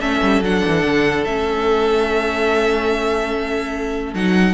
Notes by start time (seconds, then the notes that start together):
0.00 A3 C#4 A4 E5
0.22 G3
0.42 F#3 D4 F#5
0.68 E3
0.84 D3
1.25 A3 C#4 E5
4.14 F#3 D#4 F#5